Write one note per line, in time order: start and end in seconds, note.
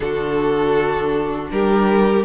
0.00 1.49 D3
0.00 2.24 D4
0.00 1.52 F#4
0.00 1.47 A4
1.51 2.24 G3
1.51 2.24 G4
1.51 2.24 A#4